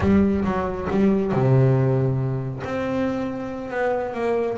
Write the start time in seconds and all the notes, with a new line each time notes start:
0.00 G3
0.44 F#3
0.90 G3
1.32 C3
2.63 C4
3.70 B3
4.13 A#3